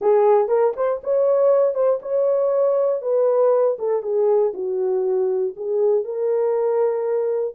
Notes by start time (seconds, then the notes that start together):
0.01 G#4
0.48 A#4
0.76 C5
1.03 C#5
1.74 C5
2.02 C#5
3.01 B4
3.79 A4
4.02 G#4
4.53 F#4
5.56 G#4
6.04 A#4